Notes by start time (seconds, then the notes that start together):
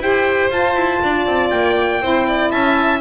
0.00 E4 G4 C5 G5
0.51 F4 A5
0.75 E4
1.04 D4 D5
1.27 C4
1.51 A#3 G5
2.01 C4 E4 C5
2.28 D5
2.51 C#4 E5 A5